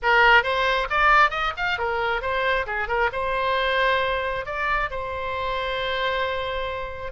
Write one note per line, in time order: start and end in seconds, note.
0.02 0.43 A#4
0.43 0.87 C5
0.90 1.30 D5
1.30 1.52 D#5
1.57 1.78 F5
1.78 2.21 A#4
2.21 2.66 C5
2.66 2.87 G#4
2.87 3.10 A#4
3.12 4.45 C5
4.45 4.90 D5
4.90 7.12 C5